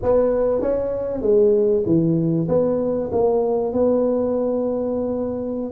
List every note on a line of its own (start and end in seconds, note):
0.02 0.61 B3
0.61 1.21 C#4
1.21 1.83 G#3
1.86 2.47 E3
2.48 3.10 B3
3.12 3.73 A#3
3.73 5.71 B3